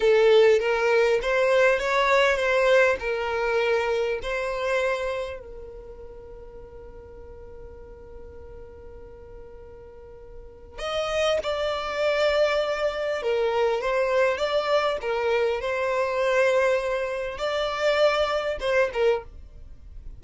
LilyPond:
\new Staff \with { instrumentName = "violin" } { \time 4/4 \tempo 4 = 100 a'4 ais'4 c''4 cis''4 | c''4 ais'2 c''4~ | c''4 ais'2.~ | ais'1~ |
ais'2 dis''4 d''4~ | d''2 ais'4 c''4 | d''4 ais'4 c''2~ | c''4 d''2 c''8 ais'8 | }